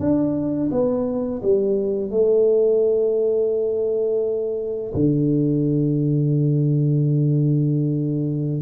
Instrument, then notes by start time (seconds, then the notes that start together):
tuba
0.00 D4
0.72 B3
1.42 G3
2.11 A3
4.94 D3